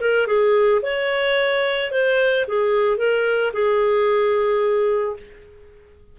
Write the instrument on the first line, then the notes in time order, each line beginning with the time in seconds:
clarinet
0.00 A#4
0.26 G#4
0.82 C#5
1.91 C5
2.47 G#4
2.97 A#4
3.53 G#4